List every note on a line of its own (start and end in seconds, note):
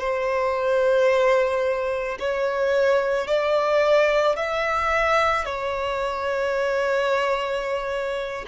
0.00 2.18 C5
2.20 3.28 C#5
3.28 4.36 D5
4.36 5.45 E5
5.45 8.45 C#5